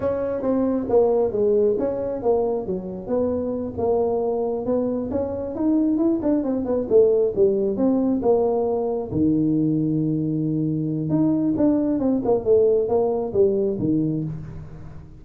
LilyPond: \new Staff \with { instrumentName = "tuba" } { \time 4/4 \tempo 4 = 135 cis'4 c'4 ais4 gis4 | cis'4 ais4 fis4 b4~ | b8 ais2 b4 cis'8~ | cis'8 dis'4 e'8 d'8 c'8 b8 a8~ |
a8 g4 c'4 ais4.~ | ais8 dis2.~ dis8~ | dis4 dis'4 d'4 c'8 ais8 | a4 ais4 g4 dis4 | }